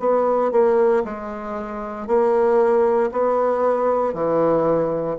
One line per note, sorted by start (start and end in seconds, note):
0.00 0.52 B3
0.52 1.03 A#3
1.04 2.07 G#3
2.07 3.10 A#3
3.12 4.14 B3
4.14 5.17 E3